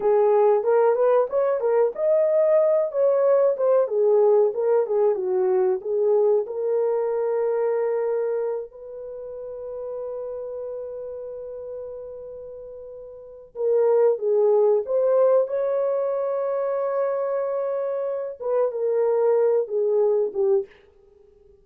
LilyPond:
\new Staff \with { instrumentName = "horn" } { \time 4/4 \tempo 4 = 93 gis'4 ais'8 b'8 cis''8 ais'8 dis''4~ | dis''8 cis''4 c''8 gis'4 ais'8 gis'8 | fis'4 gis'4 ais'2~ | ais'4. b'2~ b'8~ |
b'1~ | b'4 ais'4 gis'4 c''4 | cis''1~ | cis''8 b'8 ais'4. gis'4 g'8 | }